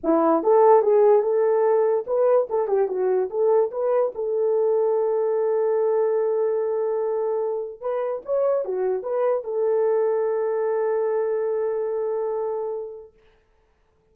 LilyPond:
\new Staff \with { instrumentName = "horn" } { \time 4/4 \tempo 4 = 146 e'4 a'4 gis'4 a'4~ | a'4 b'4 a'8 g'8 fis'4 | a'4 b'4 a'2~ | a'1~ |
a'2. b'4 | cis''4 fis'4 b'4 a'4~ | a'1~ | a'1 | }